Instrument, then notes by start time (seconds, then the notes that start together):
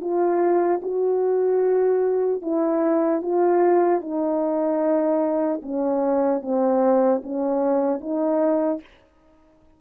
horn
0.00 F4
0.82 F#4
2.41 E4
3.21 F4
4.01 D#4
5.62 C#4
6.41 C4
7.23 C#4
8.00 D#4